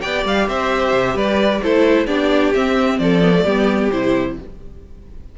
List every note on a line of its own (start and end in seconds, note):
0.00 0.25 B3
0.00 1.60 G4
0.00 0.47 D5
0.00 0.24 G5
0.25 0.47 G3
0.25 0.48 F5
0.47 0.93 C4
0.47 1.15 C5
0.47 1.17 E5
0.93 1.14 C3
1.14 1.60 G3
1.14 1.61 B4
1.14 1.63 D5
1.62 2.07 A3
1.62 2.07 E4
1.62 2.06 A4
1.62 2.06 C5
2.06 2.52 B3
2.06 2.53 D4
2.06 2.98 G4
2.06 2.52 D5
2.53 3.22 C4
2.53 2.99 C4
2.53 2.98 E5
2.98 3.44 F3
2.98 3.44 A4
2.98 3.90 D5
3.22 3.33 B3
3.34 3.45 A3
3.44 3.90 G3
3.44 3.91 B3
3.44 4.35 G4
3.91 4.38 C3
3.91 4.38 E4
3.91 4.37 C5